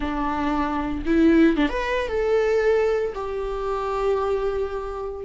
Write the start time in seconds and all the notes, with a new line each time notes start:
0.00 D4
1.05 E4
1.56 D4
1.69 B4
2.08 A4
3.14 G4